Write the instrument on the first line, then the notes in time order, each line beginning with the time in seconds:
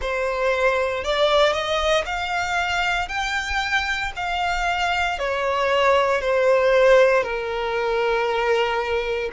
violin
0.01 C5
1.03 D5
1.52 D#5
2.05 F5
3.08 G5
4.16 F5
5.19 C#5
6.21 C5
7.23 A#4